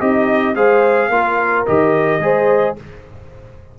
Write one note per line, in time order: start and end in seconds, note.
0.00 0.55 C4
0.00 0.56 D#4
0.00 0.55 G4
0.00 0.55 D#5
0.55 1.09 G#3
0.55 1.10 G#4
0.55 1.11 C5
0.55 1.66 F5
1.09 1.64 A#3
1.09 1.66 F4
1.09 2.23 A#4
1.66 2.19 D#3
1.66 2.21 G4
1.66 2.76 D#5
2.19 2.74 G#3
2.19 2.76 G#4
2.19 2.79 C5